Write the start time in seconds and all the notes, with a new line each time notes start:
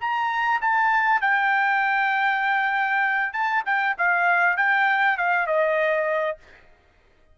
0.00 A#5
0.61 A5
1.21 G5
3.33 A5
3.65 G5
3.98 F5
4.57 G5
5.17 F5
5.47 D#5